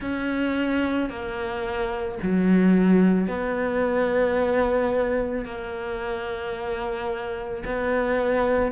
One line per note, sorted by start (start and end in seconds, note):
0.00 1.09 C#4
1.09 2.18 A#3
2.22 3.27 F#3
3.27 5.45 B3
5.45 7.63 A#3
7.65 8.71 B3